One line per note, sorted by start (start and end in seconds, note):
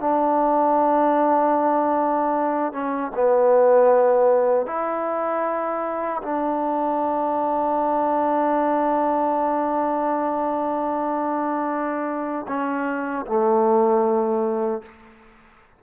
0.00 2.72 D4
2.72 3.11 C#4
3.15 4.66 B3
4.66 6.22 E4
6.22 12.46 D4
12.47 13.25 C#4
13.26 14.82 A3